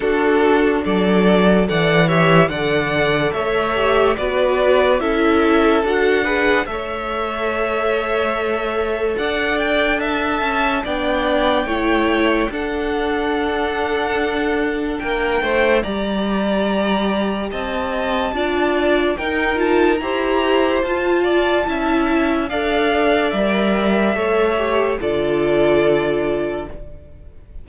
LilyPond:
<<
  \new Staff \with { instrumentName = "violin" } { \time 4/4 \tempo 4 = 72 a'4 d''4 fis''8 e''8 fis''4 | e''4 d''4 e''4 fis''4 | e''2. fis''8 g''8 | a''4 g''2 fis''4~ |
fis''2 g''4 ais''4~ | ais''4 a''2 g''8 a''8 | ais''4 a''2 f''4 | e''2 d''2 | }
  \new Staff \with { instrumentName = "violin" } { \time 4/4 fis'4 a'4 d''8 cis''8 d''4 | cis''4 b'4 a'4. b'8 | cis''2. d''4 | e''4 d''4 cis''4 a'4~ |
a'2 ais'8 c''8 d''4~ | d''4 dis''4 d''4 ais'4 | c''4. d''8 e''4 d''4~ | d''4 cis''4 a'2 | }
  \new Staff \with { instrumentName = "viola" } { \time 4/4 d'2 a'8 g'8 a'4~ | a'8 g'8 fis'4 e'4 fis'8 gis'8 | a'1~ | a'4 d'4 e'4 d'4~ |
d'2. g'4~ | g'2 f'4 dis'8 f'8 | g'4 f'4 e'4 a'4 | ais'4 a'8 g'8 f'2 | }
  \new Staff \with { instrumentName = "cello" } { \time 4/4 d'4 fis4 e4 d4 | a4 b4 cis'4 d'4 | a2. d'4~ | d'8 cis'8 b4 a4 d'4~ |
d'2 ais8 a8 g4~ | g4 c'4 d'4 dis'4 | e'4 f'4 cis'4 d'4 | g4 a4 d2 | }
>>